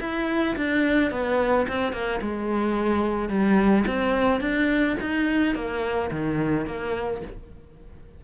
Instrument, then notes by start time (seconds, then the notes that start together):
cello
0.00 E4
0.56 D4
1.11 B3
1.68 C4
1.92 A#3
2.21 G#3
3.29 G3
3.87 C4
4.40 D4
5.00 D#4
5.55 A#3
6.11 D#3
6.66 A#3